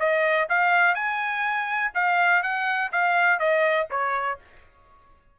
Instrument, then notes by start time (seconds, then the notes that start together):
trumpet
0.00 D#5
0.50 F5
0.95 G#5
1.95 F5
2.43 F#5
2.92 F5
3.39 D#5
3.91 C#5